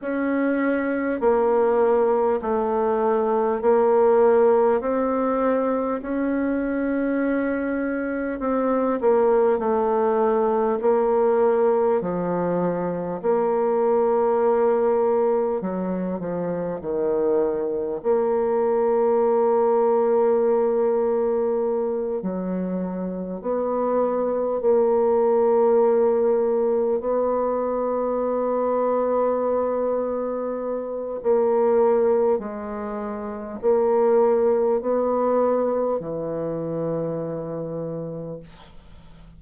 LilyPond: \new Staff \with { instrumentName = "bassoon" } { \time 4/4 \tempo 4 = 50 cis'4 ais4 a4 ais4 | c'4 cis'2 c'8 ais8 | a4 ais4 f4 ais4~ | ais4 fis8 f8 dis4 ais4~ |
ais2~ ais8 fis4 b8~ | b8 ais2 b4.~ | b2 ais4 gis4 | ais4 b4 e2 | }